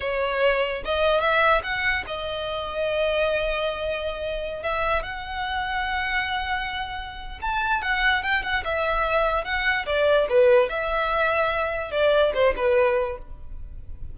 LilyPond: \new Staff \with { instrumentName = "violin" } { \time 4/4 \tempo 4 = 146 cis''2 dis''4 e''4 | fis''4 dis''2.~ | dis''2.~ dis''16 e''8.~ | e''16 fis''2.~ fis''8.~ |
fis''2 a''4 fis''4 | g''8 fis''8 e''2 fis''4 | d''4 b'4 e''2~ | e''4 d''4 c''8 b'4. | }